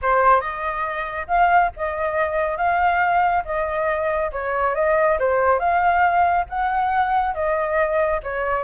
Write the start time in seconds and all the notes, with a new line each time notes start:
0.01 C5
0.40 D#5
1.27 F5
1.76 D#5
2.57 F5
3.45 D#5
4.32 C#5
4.74 D#5
5.19 C5
5.59 F5
6.49 F#5
7.34 D#5
8.23 C#5